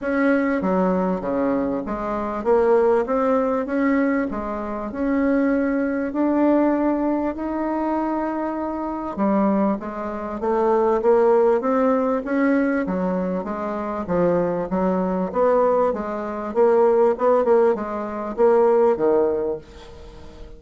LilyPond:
\new Staff \with { instrumentName = "bassoon" } { \time 4/4 \tempo 4 = 98 cis'4 fis4 cis4 gis4 | ais4 c'4 cis'4 gis4 | cis'2 d'2 | dis'2. g4 |
gis4 a4 ais4 c'4 | cis'4 fis4 gis4 f4 | fis4 b4 gis4 ais4 | b8 ais8 gis4 ais4 dis4 | }